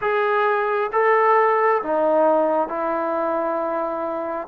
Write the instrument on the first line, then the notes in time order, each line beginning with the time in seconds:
trombone
0.01 G#4
0.92 A4
1.82 D#4
2.68 E4